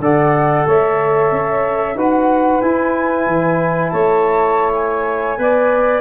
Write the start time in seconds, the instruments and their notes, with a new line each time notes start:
0.00 tuba D3, trombone A4, saxophone D5, flute F#5
0.66 tuba A3, saxophone C#5, flute E5
1.32 tuba C#4
1.96 tuba D#4, trombone F#4, saxophone B4, flute F#5
2.61 tuba E4, trombone E4, flute G#5
3.27 tuba E3
3.90 tuba A3, saxophone C#5, flute A5
4.75 flute G#5
5.38 tuba B3, trombone B4, saxophone D5